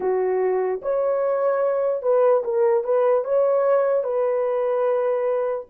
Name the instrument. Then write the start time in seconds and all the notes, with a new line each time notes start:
horn
0.00 F#4
0.82 C#5
2.02 B4
2.44 A#4
2.83 B4
3.24 C#5
4.03 B4